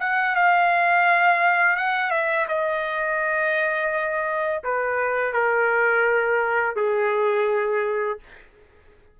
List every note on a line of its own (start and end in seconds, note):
0.00 0.35 F#5
0.35 1.77 F5
1.77 2.11 F#5
2.11 2.46 E5
2.48 4.62 D#5
4.64 5.33 B4
5.33 6.76 A#4
6.76 8.19 G#4